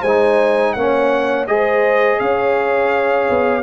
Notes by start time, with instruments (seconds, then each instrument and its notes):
0.00 tuba G#3, horn C5, trumpet G#5
0.07 trombone D#4
0.73 tuba A#3, trombone C#4, horn C#5, trumpet F#5
1.47 tuba G#3, trombone G#4, horn C5, trumpet D#5
2.19 tuba C#4, horn C#5, trumpet F5
3.29 tuba B3